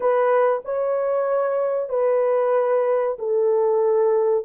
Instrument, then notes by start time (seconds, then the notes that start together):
horn
0.00 B4
0.64 C#5
1.89 B4
3.19 A4